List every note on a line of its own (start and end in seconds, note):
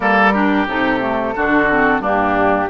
0.00 0.66 G3
0.00 0.32 A#3
0.00 0.33 A4
0.00 0.66 A#4
0.33 0.67 D4
0.33 1.34 G4
0.66 1.34 C3
0.66 1.00 D#4
0.66 2.03 A4
1.00 1.34 A3
1.35 1.98 D3
1.35 1.70 D4
1.35 2.01 F#4
1.70 2.02 C4
1.98 2.66 G2
1.98 2.69 A#3
1.98 2.68 D4
2.04 2.70 G4